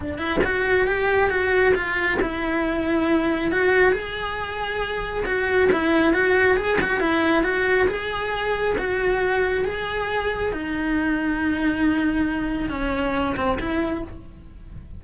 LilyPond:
\new Staff \with { instrumentName = "cello" } { \time 4/4 \tempo 4 = 137 d'8 e'8 fis'4 g'4 fis'4 | f'4 e'2. | fis'4 gis'2. | fis'4 e'4 fis'4 gis'8 fis'8 |
e'4 fis'4 gis'2 | fis'2 gis'2 | dis'1~ | dis'4 cis'4. c'8 e'4 | }